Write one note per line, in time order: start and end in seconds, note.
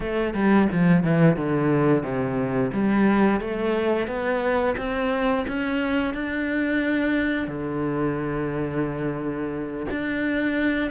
0.00 0.34 A3
0.34 0.68 G3
0.72 1.03 F3
1.03 1.36 E3
1.36 2.03 D3
2.03 2.71 C3
2.73 3.40 G3
3.40 4.07 A3
4.07 4.75 B3
4.77 5.45 C4
5.47 6.14 C#4
6.14 7.47 D4
7.47 9.86 D3
9.90 10.90 D4